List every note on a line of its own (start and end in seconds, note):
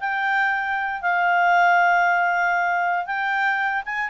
0.00 1.02 G5
1.02 3.07 F5
3.07 3.83 G5
3.86 4.10 G#5